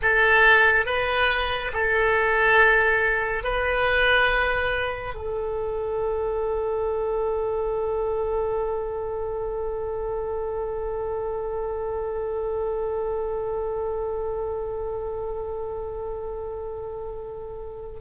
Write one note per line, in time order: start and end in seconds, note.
0.02 0.85 A4
0.85 1.71 B4
1.73 3.43 A4
3.43 5.14 B4
5.14 18.00 A4